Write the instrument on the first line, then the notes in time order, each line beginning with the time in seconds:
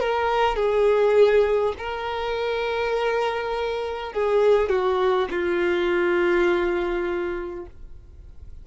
violin
0.00 A#4
0.56 G#4
1.78 A#4
4.12 G#4
4.69 F#4
5.30 F4